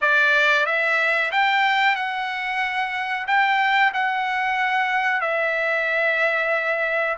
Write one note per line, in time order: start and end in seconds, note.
0.01 0.66 D5
0.66 1.31 E5
1.31 1.95 G5
1.95 3.26 F#5
3.27 3.92 G5
3.93 5.21 F#5
5.21 7.17 E5